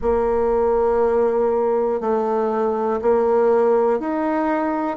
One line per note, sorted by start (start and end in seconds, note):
0.01 2.00 A#3
2.00 3.00 A3
3.01 3.99 A#3
3.99 4.97 D#4